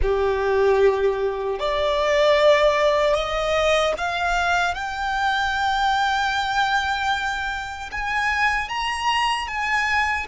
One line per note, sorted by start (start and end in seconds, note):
0.02 1.59 G4
1.59 3.14 D5
3.14 3.93 D#5
3.97 4.74 F5
4.74 7.89 G5
7.91 8.68 G#5
8.68 9.47 A#5
9.47 10.26 G#5